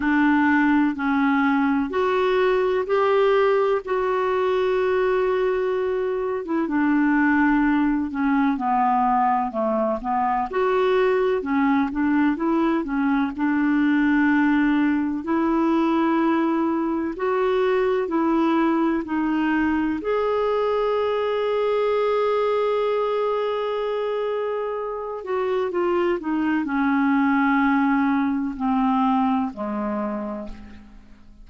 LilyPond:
\new Staff \with { instrumentName = "clarinet" } { \time 4/4 \tempo 4 = 63 d'4 cis'4 fis'4 g'4 | fis'2~ fis'8. e'16 d'4~ | d'8 cis'8 b4 a8 b8 fis'4 | cis'8 d'8 e'8 cis'8 d'2 |
e'2 fis'4 e'4 | dis'4 gis'2.~ | gis'2~ gis'8 fis'8 f'8 dis'8 | cis'2 c'4 gis4 | }